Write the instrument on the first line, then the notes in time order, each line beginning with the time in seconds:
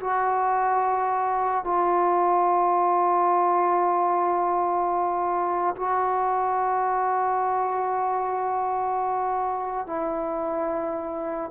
trombone
0.00 F#4
1.64 F4
5.76 F#4
9.86 E4